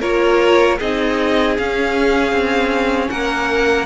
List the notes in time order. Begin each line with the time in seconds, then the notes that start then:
0.00 A#3 F4 A#4 C#5
0.78 C4 D#4 G#4 D#5
1.57 C#4 F5
2.32 C4
3.10 A#3 A#4 F#5